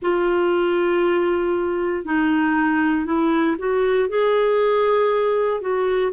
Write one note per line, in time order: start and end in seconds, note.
0.01 2.04 F4
2.04 3.05 D#4
3.05 3.56 E4
3.58 4.09 F#4
4.09 5.61 G#4
5.61 6.12 F#4